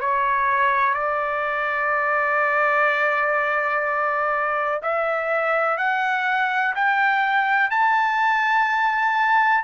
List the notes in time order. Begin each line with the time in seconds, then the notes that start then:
0.00 C#5
0.94 D5
4.82 E5
5.78 F#5
6.75 G5
7.70 A5